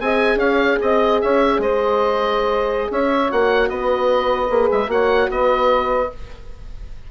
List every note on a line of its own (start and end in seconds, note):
0.00 0.36 C4
0.00 3.29 G#4
0.00 0.38 D#5
0.00 0.38 G#5
0.36 0.76 C#4
0.36 0.78 C#5
0.36 0.78 F5
0.81 1.22 C4
0.81 1.21 D#5
1.21 1.58 C#4
1.21 1.61 C#5
1.21 1.61 E5
1.58 2.88 G#3
1.58 2.89 C5
1.58 2.91 D#5
2.89 3.30 C#4
2.89 3.69 C#5
2.89 3.32 E5
3.29 3.69 A#3
3.29 4.49 F#4
3.29 3.69 F#5
3.69 4.49 B3
3.69 4.90 B4
3.69 4.69 D#5
4.50 4.70 A#3
4.50 4.88 G#4
4.71 4.87 G#3
4.71 4.90 E5
4.87 5.27 A#3
4.87 6.08 F#4
4.87 5.30 C#5
4.87 5.30 F#5
5.30 6.10 B3
5.30 6.10 B4
5.30 6.11 D#5